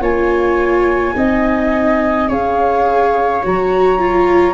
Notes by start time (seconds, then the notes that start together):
0.00 A#3 F4 C#5 G#5
1.15 C4 D#4 D#5
2.28 C#4 G#4 C#5 F5
3.42 F#3 F#4 A#5
3.99 F4